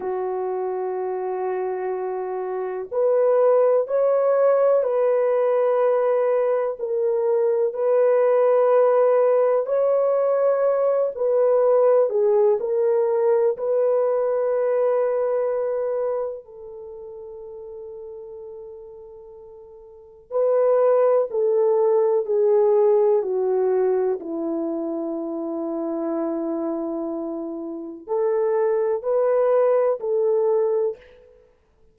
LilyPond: \new Staff \with { instrumentName = "horn" } { \time 4/4 \tempo 4 = 62 fis'2. b'4 | cis''4 b'2 ais'4 | b'2 cis''4. b'8~ | b'8 gis'8 ais'4 b'2~ |
b'4 a'2.~ | a'4 b'4 a'4 gis'4 | fis'4 e'2.~ | e'4 a'4 b'4 a'4 | }